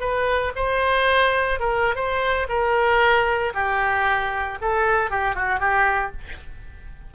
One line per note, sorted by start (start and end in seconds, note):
0.00 0.52 B4
0.55 1.60 C5
1.60 1.95 A#4
1.95 2.47 C5
2.49 3.53 A#4
3.54 4.58 G4
4.61 5.10 A4
5.10 5.35 G4
5.35 5.59 F#4
5.59 6.12 G4